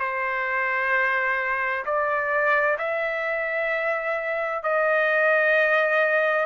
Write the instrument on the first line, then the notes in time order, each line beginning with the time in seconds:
trumpet
0.00 C5
1.85 D5
2.79 E5
4.63 D#5